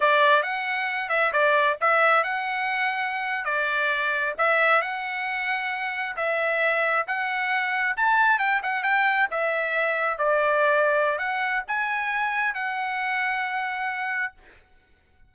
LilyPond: \new Staff \with { instrumentName = "trumpet" } { \time 4/4 \tempo 4 = 134 d''4 fis''4. e''8 d''4 | e''4 fis''2~ fis''8. d''16~ | d''4.~ d''16 e''4 fis''4~ fis''16~ | fis''4.~ fis''16 e''2 fis''16~ |
fis''4.~ fis''16 a''4 g''8 fis''8 g''16~ | g''8. e''2 d''4~ d''16~ | d''4 fis''4 gis''2 | fis''1 | }